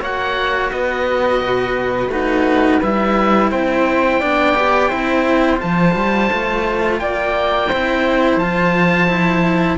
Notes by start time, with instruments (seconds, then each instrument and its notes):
0.00 cello A#3 F#4, flute C#5, oboe F#5
0.71 cello B3, flute B4, oboe D#5
1.41 cello B2
2.08 cello A3 D#4, flute F#4, oboe B4
2.79 cello G3 E4, flute B4, oboe E5
3.50 cello C4, flute C5, oboe G5
4.19 cello B3 D4, flute D5
4.56 cello G4
4.89 cello C4 E4, flute C5
5.57 cello F4, oboe A5
5.63 cello F3
5.95 cello G3
6.32 cello A3
6.99 cello A#3, flute D5, oboe G5
7.68 cello C4 E4, flute C5
8.36 cello F3 F4, oboe A5
9.07 cello E4